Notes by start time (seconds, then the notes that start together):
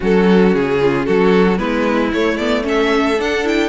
0.00 F#3 C#4 F#4 A4
0.54 C#3 G#4
0.80 F4
1.05 F#3 F#4 A4
1.58 G#3 B3 E4 B4
2.13 A3 C#5
2.37 B3 D5
2.62 C#4 A4 E5
3.18 D4 F#5
3.44 E4 G5